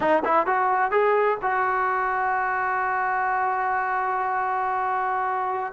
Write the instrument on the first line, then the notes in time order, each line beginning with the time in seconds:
trombone
0.00 D#4
0.24 E4
0.46 F#4
0.91 G#4
1.42 F#4